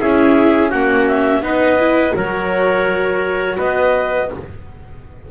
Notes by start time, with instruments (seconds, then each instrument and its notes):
0.00 double bass C#4, viola E4, trumpet G#4, clarinet E5
0.70 double bass A#3, viola C#4, trumpet F#4, clarinet F#5
1.07 clarinet E5
1.41 double bass B3, viola D#4, trumpet B4, clarinet D#5
1.79 viola E4
2.12 double bass F#3, viola F#4, trumpet A#4, clarinet C#5
3.57 double bass B3, trumpet B4, clarinet D#5